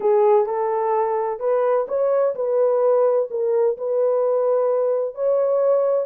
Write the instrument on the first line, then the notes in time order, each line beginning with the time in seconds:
horn
0.00 G#4
0.46 A4
1.39 B4
1.87 C#5
2.35 B4
3.30 A#4
3.77 B4
5.14 C#5